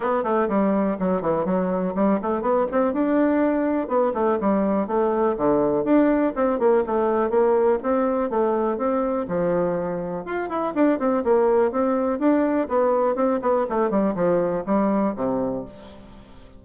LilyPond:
\new Staff \with { instrumentName = "bassoon" } { \time 4/4 \tempo 4 = 123 b8 a8 g4 fis8 e8 fis4 | g8 a8 b8 c'8 d'2 | b8 a8 g4 a4 d4 | d'4 c'8 ais8 a4 ais4 |
c'4 a4 c'4 f4~ | f4 f'8 e'8 d'8 c'8 ais4 | c'4 d'4 b4 c'8 b8 | a8 g8 f4 g4 c4 | }